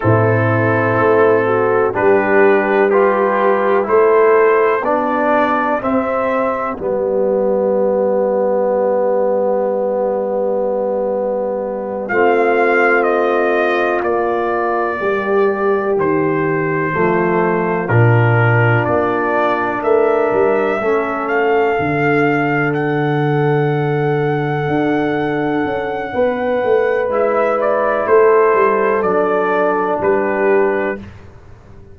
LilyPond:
<<
  \new Staff \with { instrumentName = "trumpet" } { \time 4/4 \tempo 4 = 62 a'2 b'4 g'4 | c''4 d''4 e''4 d''4~ | d''1~ | d''8 f''4 dis''4 d''4.~ |
d''8 c''2 ais'4 d''8~ | d''8 e''4. f''4. fis''8~ | fis''1 | e''8 d''8 c''4 d''4 b'4 | }
  \new Staff \with { instrumentName = "horn" } { \time 4/4 e'4. fis'8 g'4 b'4 | a'4 g'2.~ | g'1~ | g'8 f'2. g'8~ |
g'4. f'2~ f'8~ | f'8 ais'4 a'2~ a'8~ | a'2. b'4~ | b'4 a'2 g'4 | }
  \new Staff \with { instrumentName = "trombone" } { \time 4/4 c'2 d'4 f'4 | e'4 d'4 c'4 b4~ | b1~ | b8 c'2 ais4.~ |
ais4. a4 d'4.~ | d'4. cis'4 d'4.~ | d'1 | e'2 d'2 | }
  \new Staff \with { instrumentName = "tuba" } { \time 4/4 a,4 a4 g2 | a4 b4 c'4 g4~ | g1~ | g8 a2 ais4 g8~ |
g8 dis4 f4 ais,4 ais8~ | ais8 a8 g8 a4 d4.~ | d4. d'4 cis'8 b8 a8 | gis4 a8 g8 fis4 g4 | }
>>